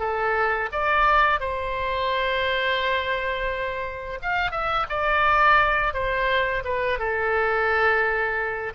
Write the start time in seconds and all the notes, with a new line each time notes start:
0.00 A4
0.72 D5
1.41 C5
4.22 F5
4.52 E5
4.90 D5
5.94 C5
6.65 B4
6.99 A4